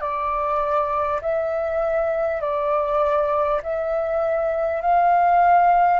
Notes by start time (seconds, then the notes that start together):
0.00 D5
1.21 E5
2.41 D5
3.63 E5
4.81 F5